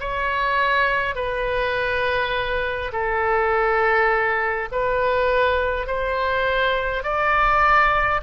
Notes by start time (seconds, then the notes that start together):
0.00 C#5
1.16 B4
2.93 A4
4.72 B4
5.87 C5
7.03 D5